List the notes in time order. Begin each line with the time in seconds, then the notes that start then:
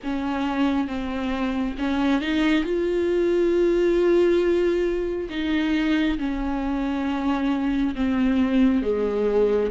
0.03 C#4
0.87 C4
1.78 C#4
2.21 D#4
2.64 F4
5.29 D#4
6.18 C#4
7.95 C4
8.82 G#3